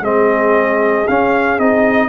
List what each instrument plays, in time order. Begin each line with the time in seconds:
0.00 tuba G#3, trombone C4, horn G#4, trumpet D#5
1.07 trombone C#4, tuba C#4, trumpet F5
1.58 tuba C4, trombone D#4, trumpet D#5